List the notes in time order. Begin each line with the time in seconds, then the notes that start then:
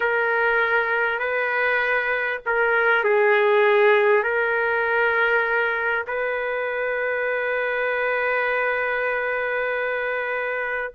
0.00 A#4
1.19 B4
2.45 A#4
3.03 G#4
4.23 A#4
6.07 B4